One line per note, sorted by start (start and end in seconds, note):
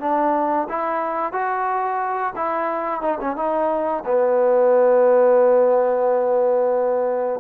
0.00 0.67 D4
0.69 1.32 E4
1.32 2.34 F#4
2.36 3.01 E4
3.01 3.18 D#4
3.21 3.36 C#4
3.36 4.04 D#4
4.05 7.40 B3